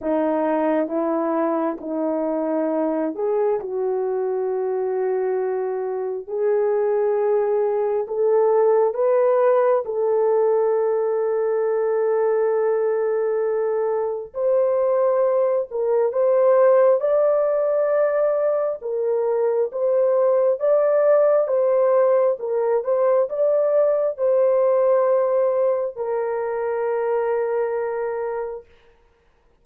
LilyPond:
\new Staff \with { instrumentName = "horn" } { \time 4/4 \tempo 4 = 67 dis'4 e'4 dis'4. gis'8 | fis'2. gis'4~ | gis'4 a'4 b'4 a'4~ | a'1 |
c''4. ais'8 c''4 d''4~ | d''4 ais'4 c''4 d''4 | c''4 ais'8 c''8 d''4 c''4~ | c''4 ais'2. | }